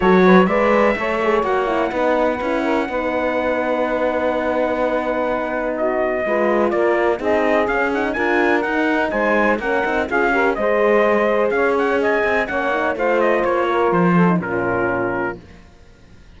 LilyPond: <<
  \new Staff \with { instrumentName = "trumpet" } { \time 4/4 \tempo 4 = 125 cis''4 e''2 fis''4~ | fis''1~ | fis''1 | dis''2 d''4 dis''4 |
f''8 fis''8 gis''4 fis''4 gis''4 | fis''4 f''4 dis''2 | f''8 fis''8 gis''4 fis''4 f''8 dis''8 | cis''4 c''4 ais'2 | }
  \new Staff \with { instrumentName = "saxophone" } { \time 4/4 a'8 b'8 d''4 cis''2 | b'4. ais'8 b'2~ | b'1 | fis'4 b'4 ais'4 gis'4~ |
gis'4 ais'2 c''4 | ais'4 gis'8 ais'8 c''2 | cis''4 dis''4 cis''4 c''4~ | c''8 ais'4 a'8 f'2 | }
  \new Staff \with { instrumentName = "horn" } { \time 4/4 fis'4 b'4 a'8 gis'8 fis'8 e'8 | dis'4 e'4 dis'2~ | dis'1~ | dis'4 f'2 dis'4 |
cis'8 dis'8 f'4 dis'2 | cis'8 dis'8 f'8 g'8 gis'2~ | gis'2 cis'8 dis'8 f'4~ | f'4.~ f'16 dis'16 cis'2 | }
  \new Staff \with { instrumentName = "cello" } { \time 4/4 fis4 gis4 a4 ais4 | b4 cis'4 b2~ | b1~ | b4 gis4 ais4 c'4 |
cis'4 d'4 dis'4 gis4 | ais8 c'8 cis'4 gis2 | cis'4. c'8 ais4 a4 | ais4 f4 ais,2 | }
>>